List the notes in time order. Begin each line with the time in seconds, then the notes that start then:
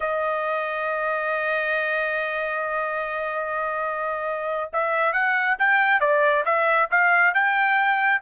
0.00 D#5
4.72 E5
5.12 F#5
5.59 G5
6.00 D5
6.45 E5
6.90 F5
7.34 G5